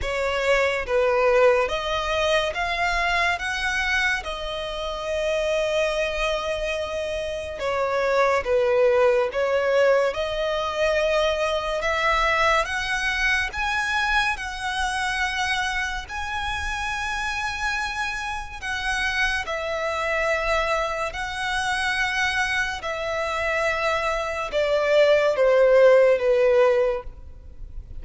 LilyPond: \new Staff \with { instrumentName = "violin" } { \time 4/4 \tempo 4 = 71 cis''4 b'4 dis''4 f''4 | fis''4 dis''2.~ | dis''4 cis''4 b'4 cis''4 | dis''2 e''4 fis''4 |
gis''4 fis''2 gis''4~ | gis''2 fis''4 e''4~ | e''4 fis''2 e''4~ | e''4 d''4 c''4 b'4 | }